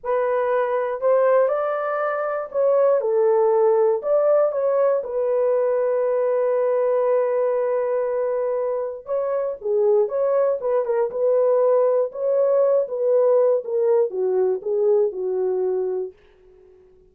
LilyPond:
\new Staff \with { instrumentName = "horn" } { \time 4/4 \tempo 4 = 119 b'2 c''4 d''4~ | d''4 cis''4 a'2 | d''4 cis''4 b'2~ | b'1~ |
b'2 cis''4 gis'4 | cis''4 b'8 ais'8 b'2 | cis''4. b'4. ais'4 | fis'4 gis'4 fis'2 | }